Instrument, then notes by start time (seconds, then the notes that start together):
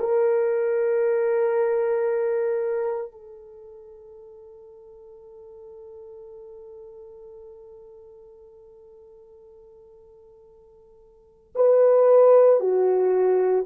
horn
0.00 A#4
3.12 A4
11.56 B4
12.60 F#4